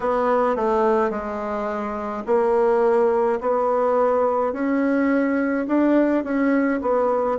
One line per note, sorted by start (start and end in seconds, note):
0.00 0.56 B3
0.56 1.10 A3
1.10 2.23 G#3
2.26 3.40 A#3
3.40 4.53 B3
4.53 5.66 C#4
5.67 6.24 D4
6.24 6.80 C#4
6.81 7.38 B3